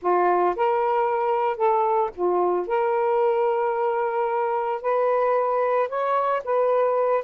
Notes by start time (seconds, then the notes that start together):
0.01 F4
0.56 A#4
1.56 A4
2.15 F4
2.67 A#4
4.81 B4
5.89 C#5
6.44 B4